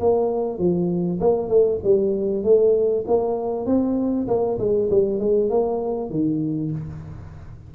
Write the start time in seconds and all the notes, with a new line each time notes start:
0.00 A#3
0.58 F3
1.20 A#3
1.48 A3
1.83 G3
2.43 A3
3.07 A#3
3.66 C4
4.27 A#3
4.59 G#3
4.90 G3
5.19 G#3
5.50 A#3
6.10 D#3